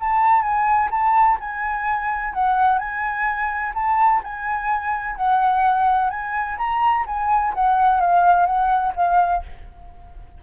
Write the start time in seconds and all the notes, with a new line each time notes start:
0.00 A5
0.42 G#5
0.91 A5
1.40 G#5
2.34 F#5
2.79 G#5
3.74 A5
4.24 G#5
5.16 F#5
6.10 G#5
6.58 A#5
7.07 G#5
7.54 F#5
8.01 F5
8.46 F#5
8.96 F5